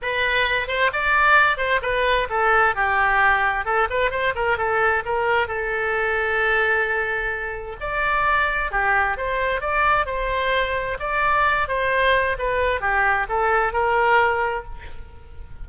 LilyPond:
\new Staff \with { instrumentName = "oboe" } { \time 4/4 \tempo 4 = 131 b'4. c''8 d''4. c''8 | b'4 a'4 g'2 | a'8 b'8 c''8 ais'8 a'4 ais'4 | a'1~ |
a'4 d''2 g'4 | c''4 d''4 c''2 | d''4. c''4. b'4 | g'4 a'4 ais'2 | }